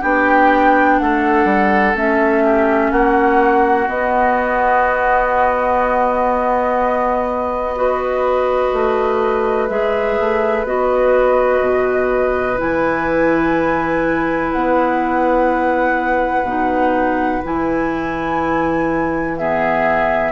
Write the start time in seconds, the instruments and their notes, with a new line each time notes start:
0.00 bassoon B3, clarinet D4, oboe G4, flute G5
0.99 bassoon A3, oboe A4, flute F#5
1.45 bassoon G3
1.94 bassoon A3, clarinet C#4, flute E5
2.44 oboe G4
2.91 bassoon A#3, oboe F#4, flute F#5
3.87 clarinet B3, bassoon B3, flute D#5
7.76 clarinet F#4, oboe B4
8.73 bassoon A3
9.69 bassoon G#3, clarinet G#4, flute E5
10.20 bassoon A3
10.64 bassoon B3, clarinet F#4, flute D#5
11.61 bassoon B2
12.57 bassoon E3, clarinet E4, flute G#5
14.52 bassoon B3, flute F#5
16.43 bassoon B2, clarinet D#4
17.44 bassoon E3, clarinet E4, flute G#5
19.37 clarinet B3, oboe G#4, flute E5